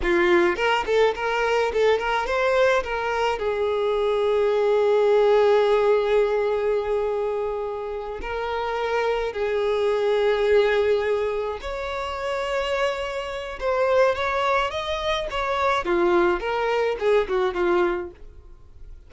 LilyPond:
\new Staff \with { instrumentName = "violin" } { \time 4/4 \tempo 4 = 106 f'4 ais'8 a'8 ais'4 a'8 ais'8 | c''4 ais'4 gis'2~ | gis'1~ | gis'2~ gis'8 ais'4.~ |
ais'8 gis'2.~ gis'8~ | gis'8 cis''2.~ cis''8 | c''4 cis''4 dis''4 cis''4 | f'4 ais'4 gis'8 fis'8 f'4 | }